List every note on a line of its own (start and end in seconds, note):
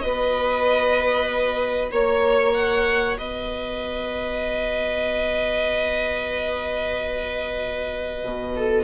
0.00 1.92 B3
0.00 8.84 F#4
0.00 1.92 B4
0.00 1.89 D#5
1.92 3.18 A#3
1.92 3.18 C#5
1.92 2.54 C#5
2.54 3.17 F#5
3.18 8.23 B3
3.18 8.56 B4
3.18 8.84 D#5
8.23 8.84 B2
8.57 8.84 A4